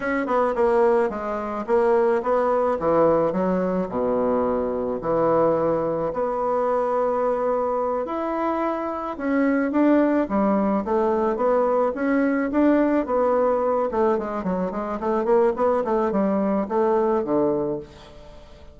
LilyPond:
\new Staff \with { instrumentName = "bassoon" } { \time 4/4 \tempo 4 = 108 cis'8 b8 ais4 gis4 ais4 | b4 e4 fis4 b,4~ | b,4 e2 b4~ | b2~ b8 e'4.~ |
e'8 cis'4 d'4 g4 a8~ | a8 b4 cis'4 d'4 b8~ | b4 a8 gis8 fis8 gis8 a8 ais8 | b8 a8 g4 a4 d4 | }